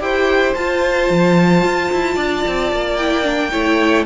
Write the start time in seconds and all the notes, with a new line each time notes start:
0.00 E4 G4 C5 G5
0.54 F4 A5
1.10 F3
1.64 F4
1.92 E4
2.15 D4 D5
2.47 C4
2.72 A#3
2.96 E4 G5
3.24 D4
3.51 A3 E4 C#5